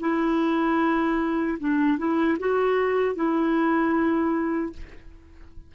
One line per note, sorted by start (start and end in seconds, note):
0.00 1.58 E4
1.59 1.98 D4
1.98 2.38 E4
2.39 3.15 F#4
3.15 4.73 E4